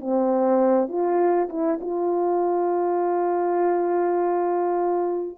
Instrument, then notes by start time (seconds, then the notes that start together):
horn
0.00 C4
0.88 F4
1.49 E4
1.81 F4